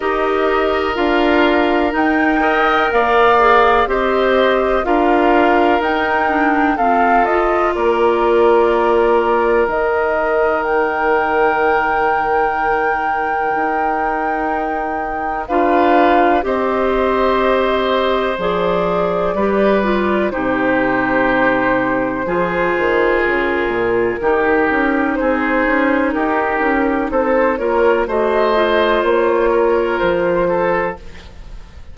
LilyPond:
<<
  \new Staff \with { instrumentName = "flute" } { \time 4/4 \tempo 4 = 62 dis''4 f''4 g''4 f''4 | dis''4 f''4 g''4 f''8 dis''8 | d''2 dis''4 g''4~ | g''1 |
f''4 dis''2 d''4~ | d''4 c''2. | ais'2 c''4 ais'4 | c''8 cis''8 dis''4 cis''4 c''4 | }
  \new Staff \with { instrumentName = "oboe" } { \time 4/4 ais'2~ ais'8 dis''8 d''4 | c''4 ais'2 a'4 | ais'1~ | ais'1 |
b'4 c''2. | b'4 g'2 gis'4~ | gis'4 g'4 gis'4 g'4 | a'8 ais'8 c''4. ais'4 a'8 | }
  \new Staff \with { instrumentName = "clarinet" } { \time 4/4 g'4 f'4 dis'8 ais'4 gis'8 | g'4 f'4 dis'8 d'8 c'8 f'8~ | f'2 dis'2~ | dis'1 |
f'4 g'2 gis'4 | g'8 f'8 dis'2 f'4~ | f'4 dis'2.~ | dis'8 f'8 fis'8 f'2~ f'8 | }
  \new Staff \with { instrumentName = "bassoon" } { \time 4/4 dis'4 d'4 dis'4 ais4 | c'4 d'4 dis'4 f'4 | ais2 dis2~ | dis2 dis'2 |
d'4 c'2 f4 | g4 c2 f8 dis8 | cis8 ais,8 dis8 cis'8 c'8 cis'8 dis'8 cis'8 | c'8 ais8 a4 ais4 f4 | }
>>